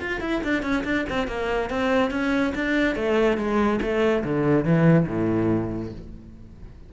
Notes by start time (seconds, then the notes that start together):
0.00 F4
0.21 E4
0.44 D4
0.63 C#4
0.84 D4
1.10 C4
1.28 A#3
1.70 C4
2.11 C#4
2.55 D4
2.96 A3
3.37 G#3
3.81 A3
4.24 D3
4.65 E3
5.08 A2